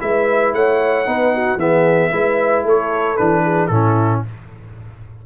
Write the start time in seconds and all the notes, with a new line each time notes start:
0.00 G#3 E4 B4 E5
0.54 A3 C#5 F#5
1.06 B3 D#4 B4
1.35 F#4
1.57 E3 B3 G#4 E5
2.12 G#3 E4 B4
2.65 A3 A4 C#5
3.17 E3 D4 B4
3.44 G#4
3.67 A2 C#4 E4 A4